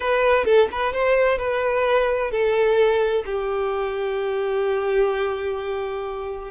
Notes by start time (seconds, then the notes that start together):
0.00 B4
0.45 A4
0.71 B4
0.93 C5
1.38 B4
2.31 A4
3.25 G4